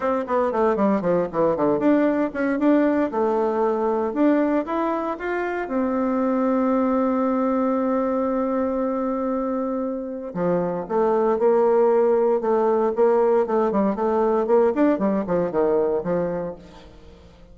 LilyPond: \new Staff \with { instrumentName = "bassoon" } { \time 4/4 \tempo 4 = 116 c'8 b8 a8 g8 f8 e8 d8 d'8~ | d'8 cis'8 d'4 a2 | d'4 e'4 f'4 c'4~ | c'1~ |
c'1 | f4 a4 ais2 | a4 ais4 a8 g8 a4 | ais8 d'8 g8 f8 dis4 f4 | }